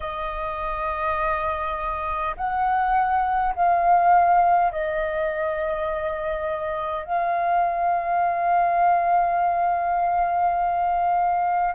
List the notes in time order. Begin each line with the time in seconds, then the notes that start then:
0.00 D#5
2.36 F#5
3.55 F5
4.71 D#5
7.04 F5